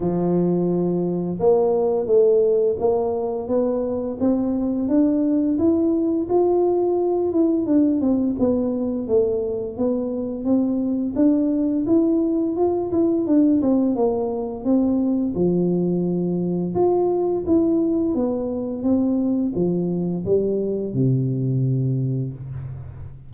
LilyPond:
\new Staff \with { instrumentName = "tuba" } { \time 4/4 \tempo 4 = 86 f2 ais4 a4 | ais4 b4 c'4 d'4 | e'4 f'4. e'8 d'8 c'8 | b4 a4 b4 c'4 |
d'4 e'4 f'8 e'8 d'8 c'8 | ais4 c'4 f2 | f'4 e'4 b4 c'4 | f4 g4 c2 | }